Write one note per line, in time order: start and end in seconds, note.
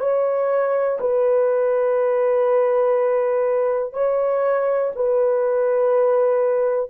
0.00 0.98 C#5
1.00 3.93 B4
3.93 4.91 C#5
4.95 6.90 B4